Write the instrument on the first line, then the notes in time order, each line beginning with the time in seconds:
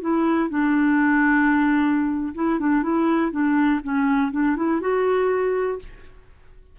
clarinet
0.00 E4
0.49 D4
2.34 E4
2.59 D4
2.82 E4
3.31 D4
3.83 C#4
4.31 D4
4.56 E4
4.80 F#4